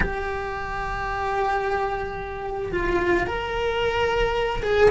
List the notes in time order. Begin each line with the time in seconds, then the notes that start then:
0.00 G4
2.72 F4
3.27 A#4
4.62 G#4